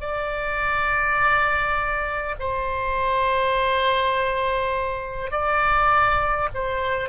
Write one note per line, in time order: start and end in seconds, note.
0.00 2.35 D5
2.40 5.31 C5
5.31 6.49 D5
6.55 7.09 C5